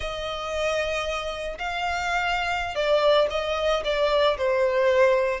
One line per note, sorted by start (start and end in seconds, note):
0.00 1.57 D#5
1.58 2.75 F5
2.75 3.27 D5
3.30 3.83 D#5
3.84 4.37 D5
4.37 5.40 C5